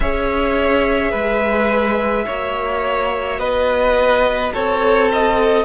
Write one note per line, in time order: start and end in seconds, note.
0.00 1.12 C#4
0.00 2.26 G#4
0.00 1.11 C#5
0.00 3.39 E5
1.11 2.26 G#3
1.11 2.24 B4
2.26 3.39 A#3
2.26 5.65 F#4
2.26 3.39 C#5
3.39 4.52 B3
3.39 4.52 B4
3.39 4.52 D#5
4.52 5.65 C4
4.52 5.65 A4
4.52 5.10 C#5
5.12 5.65 D#5